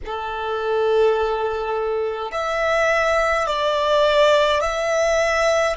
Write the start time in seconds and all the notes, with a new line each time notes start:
0.05 A4
2.31 E5
3.46 D5
4.60 E5